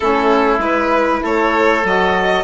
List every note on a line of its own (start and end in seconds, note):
0.00 0.58 A3
0.00 0.58 C#4
0.00 1.20 E4
0.00 0.59 A4
0.58 1.19 G#3
0.58 1.81 E4
0.58 1.22 B4
1.22 1.84 A3
1.22 2.43 A4
1.22 1.86 C#5
1.84 2.43 F#3
1.84 2.43 F#4
1.84 2.43 D#5